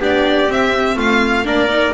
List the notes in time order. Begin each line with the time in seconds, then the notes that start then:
0.00 B3 D4 G4 D5
0.47 C4 E5
0.96 A3 F4 F5
1.44 A#3 D4 A#4 D5
1.69 D#4